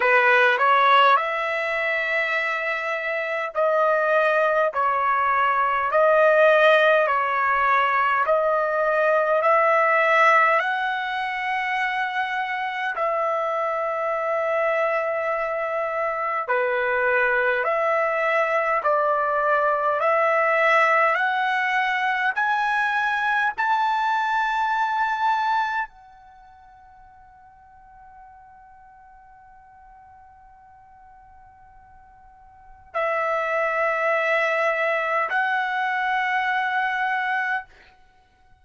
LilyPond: \new Staff \with { instrumentName = "trumpet" } { \time 4/4 \tempo 4 = 51 b'8 cis''8 e''2 dis''4 | cis''4 dis''4 cis''4 dis''4 | e''4 fis''2 e''4~ | e''2 b'4 e''4 |
d''4 e''4 fis''4 gis''4 | a''2 fis''2~ | fis''1 | e''2 fis''2 | }